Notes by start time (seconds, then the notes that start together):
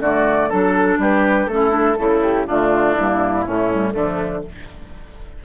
0.00 D3 A3 F#4 D5
0.49 F#3 D4 A4
0.98 G3 G4 B4
1.47 A3 C#4 A4
1.54 E4
1.70 D4
1.97 C#3 A3 E4
2.22 G4
2.47 D3 A3 D4 F4
2.94 G2 A#3 E4
3.47 A2 A3 C#4
3.71 G3
3.93 D3 F3 A3 D4